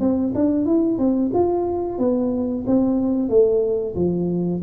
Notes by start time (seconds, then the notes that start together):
0.00 C4
0.34 D4
0.66 E4
0.98 C4
1.34 F4
1.98 B3
2.66 C4
3.29 A3
3.96 F3